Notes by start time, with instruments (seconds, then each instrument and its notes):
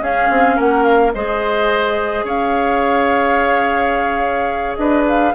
0.00 clarinet C#4, bassoon C#4, oboe G#4, flute F5
0.30 bassoon C4
0.56 bassoon A#3, oboe A#4, flute F#5
0.83 flute F5
1.13 bassoon G#3, clarinet G#4, oboe C5, flute D#5
2.23 bassoon C#4, oboe C#5, flute F5
4.75 bassoon D4, oboe B4, flute D#5
5.08 flute F5